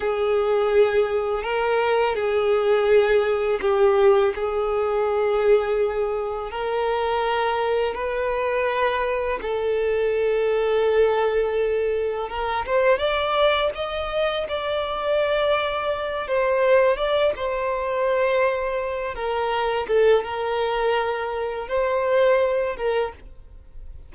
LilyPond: \new Staff \with { instrumentName = "violin" } { \time 4/4 \tempo 4 = 83 gis'2 ais'4 gis'4~ | gis'4 g'4 gis'2~ | gis'4 ais'2 b'4~ | b'4 a'2.~ |
a'4 ais'8 c''8 d''4 dis''4 | d''2~ d''8 c''4 d''8 | c''2~ c''8 ais'4 a'8 | ais'2 c''4. ais'8 | }